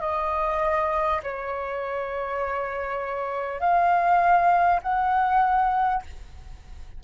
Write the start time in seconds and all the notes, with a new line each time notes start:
0.00 D#5
1.23 C#5
3.60 F5
4.82 F#5